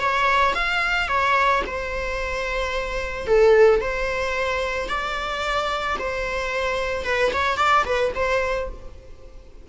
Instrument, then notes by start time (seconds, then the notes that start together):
viola
0.00 C#5
0.55 F5
1.08 C#5
1.67 C5
3.27 A4
3.81 C5
4.89 D5
5.99 C5
7.05 B4
7.33 C#5
7.57 D5
7.86 B4
8.15 C5